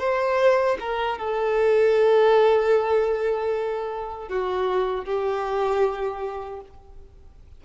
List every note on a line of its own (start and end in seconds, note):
0.00 0.78 C5
0.80 1.19 A#4
1.19 4.29 A4
4.29 5.05 F#4
5.05 6.61 G4